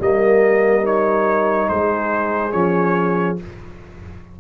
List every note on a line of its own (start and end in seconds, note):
0.00 1.69 G3
0.00 0.83 A#3
0.00 1.71 A#4
0.00 0.86 D#5
0.83 2.52 D#4
0.83 1.69 C#5
1.69 2.54 G#3
1.69 3.40 G#4
1.69 2.52 C5
2.52 3.38 F3
2.52 3.37 C#4
2.52 3.37 C#5